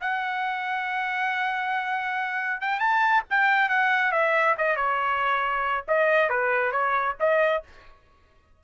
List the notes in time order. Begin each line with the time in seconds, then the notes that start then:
0.00 F#5
2.60 G5
2.79 A5
3.30 G5
3.69 F#5
4.11 E5
4.58 D#5
4.76 C#5
5.87 D#5
6.29 B4
6.71 C#5
7.19 D#5